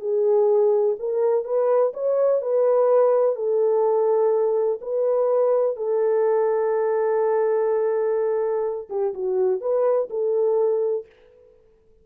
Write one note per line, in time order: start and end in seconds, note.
0.00 0.96 G#4
0.99 1.44 A#4
1.44 1.92 B4
1.94 2.42 C#5
2.42 3.35 B4
3.35 4.79 A4
4.81 5.77 B4
5.77 8.89 A4
8.90 9.14 G4
9.14 9.61 F#4
9.61 10.09 B4
10.10 11.06 A4